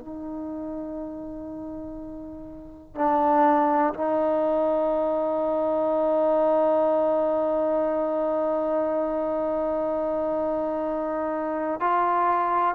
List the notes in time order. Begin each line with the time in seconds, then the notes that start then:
0.00 D#4
2.95 D4
3.94 D#4
11.80 F4